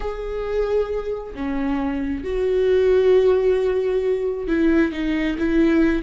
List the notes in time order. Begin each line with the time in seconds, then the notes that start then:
0.00 G#4
1.34 C#4
2.24 F#4
4.47 E4
4.92 D#4
5.38 E4